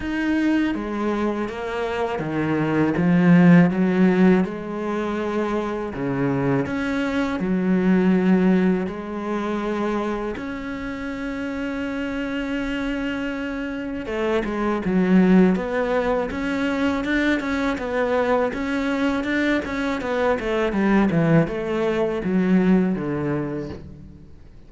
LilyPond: \new Staff \with { instrumentName = "cello" } { \time 4/4 \tempo 4 = 81 dis'4 gis4 ais4 dis4 | f4 fis4 gis2 | cis4 cis'4 fis2 | gis2 cis'2~ |
cis'2. a8 gis8 | fis4 b4 cis'4 d'8 cis'8 | b4 cis'4 d'8 cis'8 b8 a8 | g8 e8 a4 fis4 d4 | }